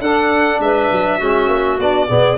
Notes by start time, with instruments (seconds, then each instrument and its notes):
0.00 tuba D4, trombone D4, clarinet A4, violin F#5
0.59 tuba G#3, clarinet B4, violin E5
0.91 tuba F#3
1.18 tuba G#3, trombone C#4, clarinet F#4
1.48 tuba A#3
1.78 tuba B3, trombone D4, violin D5
2.07 tuba B2, trombone B3, clarinet G#4